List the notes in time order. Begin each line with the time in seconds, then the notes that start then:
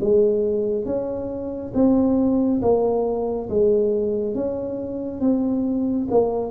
0.00 G#3
0.85 C#4
1.74 C4
2.61 A#3
3.49 G#3
4.34 C#4
5.21 C4
6.10 A#3